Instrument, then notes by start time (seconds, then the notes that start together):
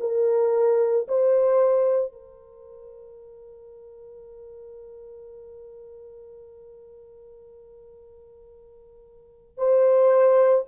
horn
0.00 A#4
1.08 C5
2.12 A#4
9.57 C5